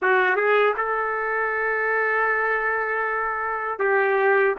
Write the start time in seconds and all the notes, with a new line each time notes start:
0.01 F#4
0.36 G#4
0.77 A4
3.79 G4